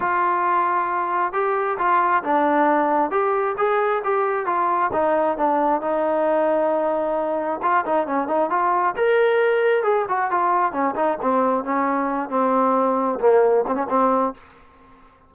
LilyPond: \new Staff \with { instrumentName = "trombone" } { \time 4/4 \tempo 4 = 134 f'2. g'4 | f'4 d'2 g'4 | gis'4 g'4 f'4 dis'4 | d'4 dis'2.~ |
dis'4 f'8 dis'8 cis'8 dis'8 f'4 | ais'2 gis'8 fis'8 f'4 | cis'8 dis'8 c'4 cis'4. c'8~ | c'4. ais4 c'16 cis'16 c'4 | }